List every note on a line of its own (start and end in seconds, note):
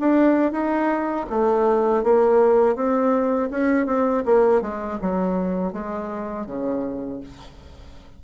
0.00 0.52 D4
0.52 1.26 D#4
1.30 2.03 A3
2.03 2.76 A#3
2.76 3.49 C4
3.51 3.87 C#4
3.87 4.24 C4
4.26 4.62 A#3
4.62 4.99 G#3
5.02 5.73 F#3
5.73 6.46 G#3
6.46 7.20 C#3